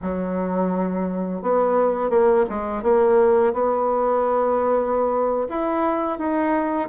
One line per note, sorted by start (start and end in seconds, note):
0.02 1.42 F#3
1.42 2.10 B3
2.10 2.45 A#3
2.49 2.82 G#3
2.82 3.53 A#3
3.53 5.47 B3
5.48 6.18 E4
6.18 6.89 D#4